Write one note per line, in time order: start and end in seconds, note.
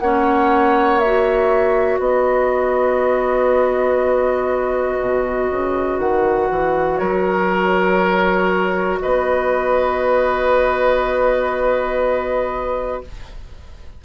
0.00 1.99 A#3
0.00 1.02 C#4
0.00 2.00 C#5
0.00 0.99 F#5
0.99 13.05 F#4
0.99 1.99 E5
1.99 4.99 B3
1.99 7.00 B4
1.99 6.00 D#5
5.00 5.50 B2
5.51 5.99 C#3
5.99 6.49 D#3
5.99 6.98 F#5
6.51 7.00 E3
6.98 9.00 F#3
6.98 9.00 A#4
6.98 8.98 C#5
9.01 13.04 B3
9.01 13.02 B4
9.01 13.01 D#5